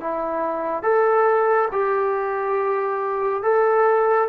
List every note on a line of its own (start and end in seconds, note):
0.00 0.83 E4
0.83 1.68 A4
1.71 3.42 G4
3.42 4.28 A4